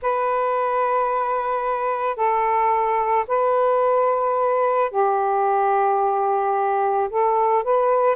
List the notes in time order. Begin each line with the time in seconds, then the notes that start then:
0.02 B4
2.16 A4
3.27 B4
4.91 G4
7.09 A4
7.63 B4